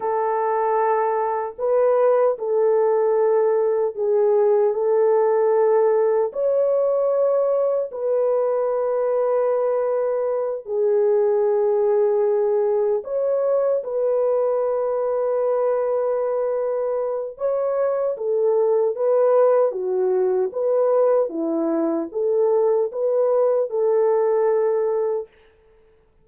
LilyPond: \new Staff \with { instrumentName = "horn" } { \time 4/4 \tempo 4 = 76 a'2 b'4 a'4~ | a'4 gis'4 a'2 | cis''2 b'2~ | b'4. gis'2~ gis'8~ |
gis'8 cis''4 b'2~ b'8~ | b'2 cis''4 a'4 | b'4 fis'4 b'4 e'4 | a'4 b'4 a'2 | }